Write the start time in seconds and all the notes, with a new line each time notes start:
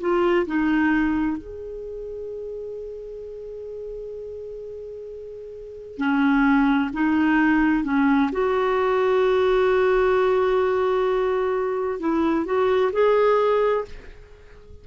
0.00 F4
0.47 D#4
1.38 G#4
5.98 C#4
6.94 D#4
7.85 C#4
8.32 F#4
12.00 E4
12.46 F#4
12.93 G#4